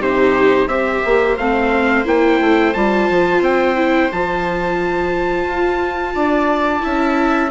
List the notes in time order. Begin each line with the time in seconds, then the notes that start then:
0.00 C3 D#4 G4 C5
0.67 C4 G4 C5 E5
1.05 A#3
1.37 A3 C4 F5
2.05 A#3 E4 G5
2.40 A3
2.74 G3 F4 A5
3.10 F3
3.41 C4 G5
3.76 E4
4.12 F3 F4 A5
5.46 F4
6.15 D4 D5
6.80 C#4 E4 E5